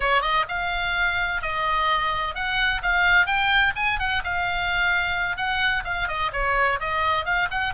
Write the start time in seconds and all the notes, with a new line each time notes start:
0.00 C#5
0.21 D#5
0.48 F5
1.42 D#5
2.34 F#5
2.82 F5
3.26 G5
3.75 G#5
3.99 F#5
4.24 F5
5.36 F#5
5.84 F5
6.07 D#5
6.33 C#5
6.79 D#5
7.25 F5
7.50 F#5